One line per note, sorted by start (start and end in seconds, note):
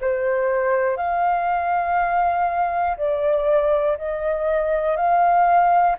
0.00 0.96 C5
0.96 2.96 F5
2.97 3.97 D5
3.97 4.96 D#5
4.96 5.96 F5